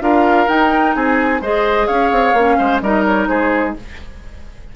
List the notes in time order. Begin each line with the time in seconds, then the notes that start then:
0.00 D4 F4 A#4 F5
0.47 D#4 G5
0.95 C4 G#4 G#5
1.41 G#3 G#4 C5 D#5
1.87 C#4 C#5 F5
2.11 C4
2.33 A#3 C#4
2.58 G#3 C5
2.81 G3 D#4 A#4 D#5
3.05 C#5
3.27 G#3 G#4 C5